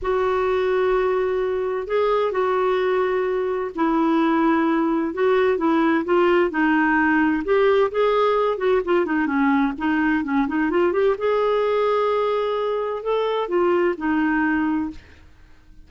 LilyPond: \new Staff \with { instrumentName = "clarinet" } { \time 4/4 \tempo 4 = 129 fis'1 | gis'4 fis'2. | e'2. fis'4 | e'4 f'4 dis'2 |
g'4 gis'4. fis'8 f'8 dis'8 | cis'4 dis'4 cis'8 dis'8 f'8 g'8 | gis'1 | a'4 f'4 dis'2 | }